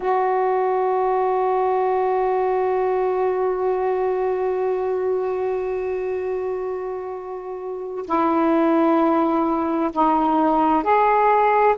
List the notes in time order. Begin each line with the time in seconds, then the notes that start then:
0.00 F#4
8.06 E4
9.92 D#4
10.83 G#4